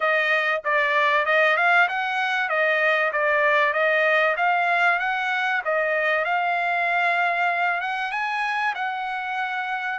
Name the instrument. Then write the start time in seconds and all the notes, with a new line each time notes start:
trumpet
0.00 D#5
0.64 D5
1.25 D#5
1.56 F5
1.88 F#5
2.49 D#5
3.12 D5
3.73 D#5
4.36 F5
4.99 F#5
5.64 D#5
6.24 F5
7.80 F#5
8.11 G#5
8.74 F#5